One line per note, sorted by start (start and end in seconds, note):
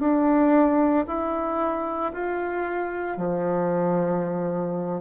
0.00 1.05 D4
1.07 2.12 E4
2.13 3.17 F4
3.17 5.01 F3